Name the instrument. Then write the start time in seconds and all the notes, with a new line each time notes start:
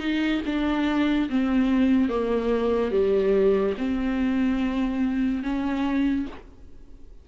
viola
0.00 D#4
0.46 D4
1.30 C4
2.09 A#3
2.92 G3
3.78 C4
5.43 C#4